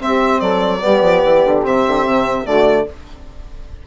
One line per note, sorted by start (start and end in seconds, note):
0.00 0.80 C4
0.00 0.41 C4
0.00 0.40 G4
0.00 0.40 E5
0.40 0.82 F#3
0.40 0.80 A4
0.40 1.62 D5
0.80 1.01 G3
0.80 1.61 B3
0.80 2.46 G4
1.01 1.22 F3
1.25 1.45 E3
1.45 1.65 D3
1.64 1.86 C3
1.64 2.45 C4
1.64 2.46 E5
1.87 2.05 D3
2.05 2.45 C3
2.45 2.87 D3
2.45 2.86 A3
2.45 2.86 F#4
2.45 2.87 D5